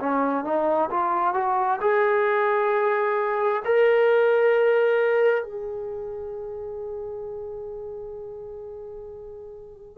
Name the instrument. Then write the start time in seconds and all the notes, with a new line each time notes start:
trombone
0.00 C#4
0.45 D#4
0.91 F4
1.34 F#4
1.81 G#4
3.65 A#4
5.43 G#4